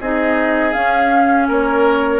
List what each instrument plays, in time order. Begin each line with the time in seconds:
0.00 bassoon C4, clarinet D#4, oboe G#4, flute D#5
0.73 clarinet C#4, bassoon C#4, flute F5
1.48 bassoon A#3, oboe A#4, flute C#5